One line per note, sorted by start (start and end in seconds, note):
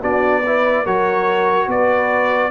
0.00 0.86 B3
0.00 0.43 D4
0.00 0.42 F#4
0.00 0.86 D5
0.46 0.86 E4
0.46 0.84 B4
0.84 1.67 F#3
0.84 2.51 F#4
0.84 1.67 A#4
0.84 1.69 C#5
1.67 2.50 B3
1.67 2.51 B4
1.67 2.51 D5